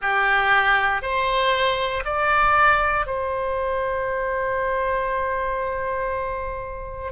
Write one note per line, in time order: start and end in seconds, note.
0.01 1.02 G4
1.02 2.03 C5
2.04 3.06 D5
3.06 7.11 C5